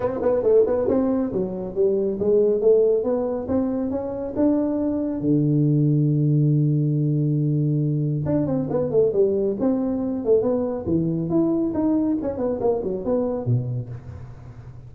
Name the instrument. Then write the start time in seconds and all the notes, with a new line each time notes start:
tuba
0.00 C4
0.22 B3
0.42 A3
0.66 B3
0.88 C4
1.32 F#3
1.75 G3
2.19 G#3
2.60 A3
3.03 B3
3.48 C4
3.90 C#4
4.36 D4
5.20 D3
8.25 D4
8.46 C4
8.70 B3
8.90 A3
9.13 G3
9.59 C4
10.24 A3
10.42 B3
10.86 E3
11.29 E4
11.74 D#4
12.22 C#4
12.37 B3
12.60 A#3
12.83 F#3
13.04 B3
13.45 B2